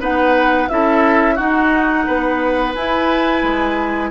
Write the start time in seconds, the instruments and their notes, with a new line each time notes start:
0.00 bassoon B3, clarinet D#4, oboe B4, flute F#5
0.69 bassoon C#4, clarinet E4, oboe A4, flute E5
1.35 clarinet D#4, bassoon D#4, oboe F#4, flute F#5
2.07 bassoon B3, oboe B4
2.74 bassoon E4, clarinet E4, flute G#5
3.43 bassoon G#3